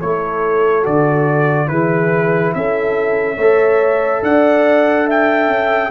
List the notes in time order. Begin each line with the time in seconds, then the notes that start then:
0.00 A3 E4 A4 C#5
0.83 D3 F#4 D5
1.67 E3 E4 G#4 B4
2.55 C#4 A4 E5
3.37 A3 A4 C#5
4.22 D4 D5 F#5
5.06 E5 G5
5.48 C#4